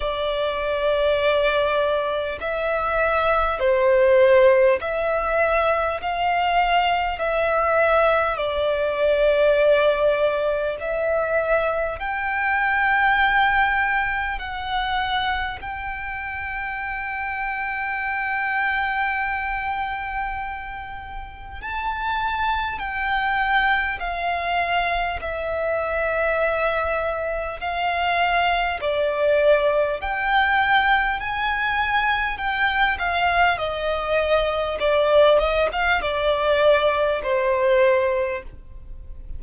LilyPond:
\new Staff \with { instrumentName = "violin" } { \time 4/4 \tempo 4 = 50 d''2 e''4 c''4 | e''4 f''4 e''4 d''4~ | d''4 e''4 g''2 | fis''4 g''2.~ |
g''2 a''4 g''4 | f''4 e''2 f''4 | d''4 g''4 gis''4 g''8 f''8 | dis''4 d''8 dis''16 f''16 d''4 c''4 | }